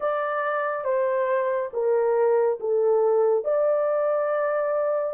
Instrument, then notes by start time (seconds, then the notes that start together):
horn
0.00 D5
0.84 C5
1.73 A#4
2.59 A4
3.44 D5